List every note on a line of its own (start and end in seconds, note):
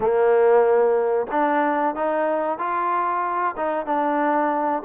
0.00 1.26 A#3
1.31 1.95 D4
1.95 2.58 D#4
2.58 3.55 F4
3.57 3.85 D#4
3.85 4.82 D4